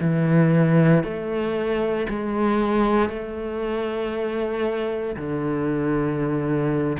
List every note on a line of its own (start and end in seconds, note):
0.00 1.03 E3
1.03 2.07 A3
2.09 3.09 G#3
3.09 5.16 A3
5.16 6.97 D3